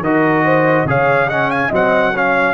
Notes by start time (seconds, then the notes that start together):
0.00 D#3 F#4 A#4 D#5
0.44 C5
0.85 C#3 G#4 C#5 F5
1.27 C#4 D#5 F#5
1.49 F5 G#5
1.69 F#3 C4 D#5 F#5
2.13 C#4 C#5 F5